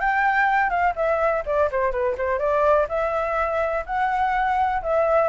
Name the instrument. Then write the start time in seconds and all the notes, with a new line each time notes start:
flute
0.00 G5
0.70 F5
0.96 E5
1.46 D5
1.71 C5
1.91 B4
2.18 C5
2.39 D5
2.89 E5
3.86 F#5
4.82 E5